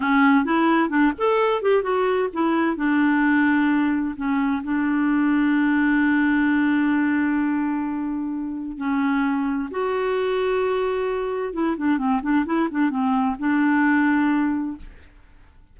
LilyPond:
\new Staff \with { instrumentName = "clarinet" } { \time 4/4 \tempo 4 = 130 cis'4 e'4 d'8 a'4 g'8 | fis'4 e'4 d'2~ | d'4 cis'4 d'2~ | d'1~ |
d'2. cis'4~ | cis'4 fis'2.~ | fis'4 e'8 d'8 c'8 d'8 e'8 d'8 | c'4 d'2. | }